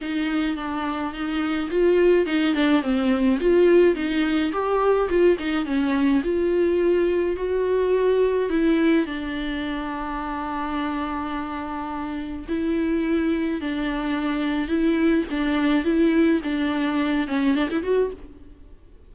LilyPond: \new Staff \with { instrumentName = "viola" } { \time 4/4 \tempo 4 = 106 dis'4 d'4 dis'4 f'4 | dis'8 d'8 c'4 f'4 dis'4 | g'4 f'8 dis'8 cis'4 f'4~ | f'4 fis'2 e'4 |
d'1~ | d'2 e'2 | d'2 e'4 d'4 | e'4 d'4. cis'8 d'16 e'16 fis'8 | }